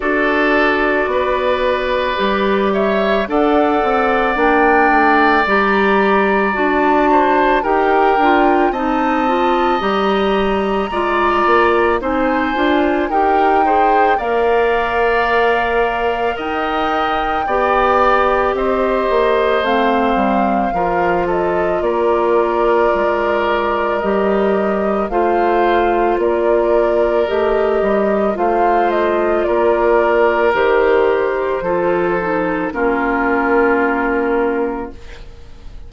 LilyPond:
<<
  \new Staff \with { instrumentName = "flute" } { \time 4/4 \tempo 4 = 55 d''2~ d''8 e''8 fis''4 | g''4 ais''4 a''4 g''4 | a''4 ais''2 gis''4 | g''4 f''2 g''4~ |
g''4 dis''4 f''4. dis''8 | d''2 dis''4 f''4 | d''4 dis''4 f''8 dis''8 d''4 | c''2 ais'2 | }
  \new Staff \with { instrumentName = "oboe" } { \time 4/4 a'4 b'4. cis''8 d''4~ | d''2~ d''8 c''8 ais'4 | dis''2 d''4 c''4 | ais'8 c''8 d''2 dis''4 |
d''4 c''2 ais'8 a'8 | ais'2. c''4 | ais'2 c''4 ais'4~ | ais'4 a'4 f'2 | }
  \new Staff \with { instrumentName = "clarinet" } { \time 4/4 fis'2 g'4 a'4 | d'4 g'4 fis'4 g'8 f'8 | dis'8 f'8 g'4 f'4 dis'8 f'8 | g'8 gis'8 ais'2. |
g'2 c'4 f'4~ | f'2 g'4 f'4~ | f'4 g'4 f'2 | g'4 f'8 dis'8 cis'2 | }
  \new Staff \with { instrumentName = "bassoon" } { \time 4/4 d'4 b4 g4 d'8 c'8 | ais8 a8 g4 d'4 dis'8 d'8 | c'4 g4 gis8 ais8 c'8 d'8 | dis'4 ais2 dis'4 |
b4 c'8 ais8 a8 g8 f4 | ais4 gis4 g4 a4 | ais4 a8 g8 a4 ais4 | dis4 f4 ais2 | }
>>